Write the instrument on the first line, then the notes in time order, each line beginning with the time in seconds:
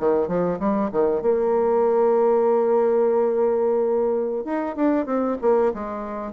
bassoon
0.00 D#3
0.28 F3
0.60 G3
0.92 D#3
1.23 A#3
4.45 D#4
4.77 D4
5.06 C4
5.42 A#3
5.74 G#3